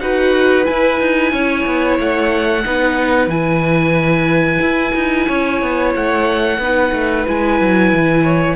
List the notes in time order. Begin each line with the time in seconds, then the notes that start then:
0.00 D#4 F#4 B4 F#5
0.65 E4 G#5
1.01 D#4
1.33 C#4 C#5
1.66 B3
2.00 A3 F#5
2.65 B3 D#4 B4
3.28 E3 E4 G#5
4.61 E4
4.96 D#4
5.28 C#4 C#5
5.62 B3
5.96 A3 F#5
6.59 B3 D#4 B4
6.93 A3
7.28 G#3 E4 G#5
7.61 F#3
7.93 E3
8.24 C#5